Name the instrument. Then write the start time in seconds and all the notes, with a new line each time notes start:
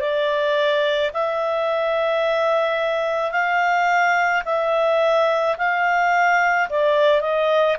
clarinet
0.00 D5
1.13 E5
3.31 F5
4.45 E5
5.58 F5
6.69 D5
7.21 D#5